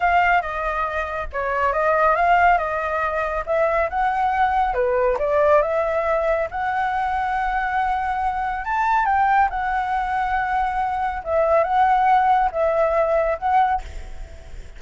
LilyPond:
\new Staff \with { instrumentName = "flute" } { \time 4/4 \tempo 4 = 139 f''4 dis''2 cis''4 | dis''4 f''4 dis''2 | e''4 fis''2 b'4 | d''4 e''2 fis''4~ |
fis''1 | a''4 g''4 fis''2~ | fis''2 e''4 fis''4~ | fis''4 e''2 fis''4 | }